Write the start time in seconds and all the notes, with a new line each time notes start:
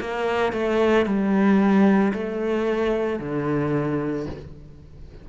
0.00 A#3
0.53 A3
1.06 G3
2.13 A3
3.19 D3